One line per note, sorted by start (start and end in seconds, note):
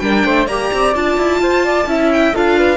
0.00 0.24 G3
0.00 0.48 D4
0.00 0.25 A#4
0.00 0.47 G5
0.25 0.47 A3
0.25 0.47 C5
0.47 0.70 A#3
0.47 0.94 G4
0.47 1.40 D5
0.47 0.94 A#5
0.74 0.96 C4
0.94 1.18 D4
0.94 1.87 F4
0.94 2.12 A5
1.18 1.41 E4
1.41 1.86 F4
1.41 1.65 C5
1.65 1.88 D5
1.86 2.33 C#4
1.86 2.34 E4
1.86 2.35 E5
2.12 2.36 G5
2.35 2.77 D4
2.35 2.77 F4
2.35 2.58 A4
2.35 2.77 F5
2.58 2.77 B4